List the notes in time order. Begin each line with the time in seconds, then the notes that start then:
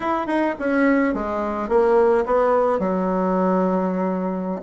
0.00 E4
0.27 D#4
0.59 C#4
1.14 G#3
1.68 A#3
2.25 B3
2.79 F#3